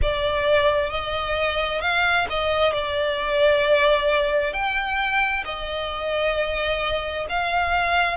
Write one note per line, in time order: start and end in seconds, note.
0.02 0.90 D5
0.90 1.81 D#5
1.81 2.26 F5
2.29 2.73 D#5
2.73 4.52 D5
4.52 5.43 G5
5.44 7.26 D#5
7.29 8.17 F5